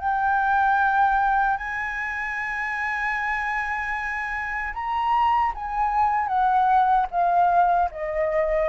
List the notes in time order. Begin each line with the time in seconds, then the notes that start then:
0.00 G5
1.58 G#5
4.74 A#5
5.55 G#5
6.28 F#5
7.11 F5
7.92 D#5